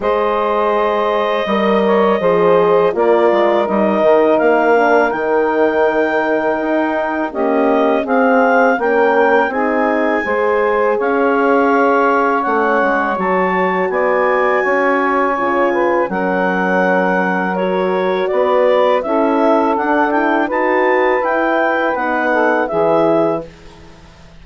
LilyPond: <<
  \new Staff \with { instrumentName = "clarinet" } { \time 4/4 \tempo 4 = 82 dis''1 | d''4 dis''4 f''4 g''4~ | g''2 dis''4 f''4 | g''4 gis''2 f''4~ |
f''4 fis''4 a''4 gis''4~ | gis''2 fis''2 | cis''4 d''4 e''4 fis''8 g''8 | a''4 g''4 fis''4 e''4 | }
  \new Staff \with { instrumentName = "saxophone" } { \time 4/4 c''2 dis''8 cis''8 c''4 | ais'1~ | ais'2 g'4 gis'4 | ais'4 gis'4 c''4 cis''4~ |
cis''2. d''4 | cis''4. b'8 ais'2~ | ais'4 b'4 a'2 | b'2~ b'8 a'8 gis'4 | }
  \new Staff \with { instrumentName = "horn" } { \time 4/4 gis'2 ais'4 gis'4 | f'4 dis'4. d'8 dis'4~ | dis'2 ais4 c'4 | cis'4 dis'4 gis'2~ |
gis'4 cis'4 fis'2~ | fis'4 f'4 cis'2 | fis'2 e'4 d'8 e'8 | fis'4 e'4 dis'4 e'4 | }
  \new Staff \with { instrumentName = "bassoon" } { \time 4/4 gis2 g4 f4 | ais8 gis8 g8 dis8 ais4 dis4~ | dis4 dis'4 cis'4 c'4 | ais4 c'4 gis4 cis'4~ |
cis'4 a8 gis8 fis4 b4 | cis'4 cis4 fis2~ | fis4 b4 cis'4 d'4 | dis'4 e'4 b4 e4 | }
>>